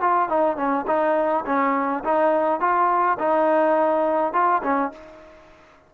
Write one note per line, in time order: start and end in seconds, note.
0.00 0.29 F4
0.29 0.56 D#4
0.56 0.85 C#4
0.87 1.44 D#4
1.46 2.03 C#4
2.04 2.60 D#4
2.60 3.17 F4
3.19 4.33 D#4
4.33 4.62 F4
4.63 4.91 C#4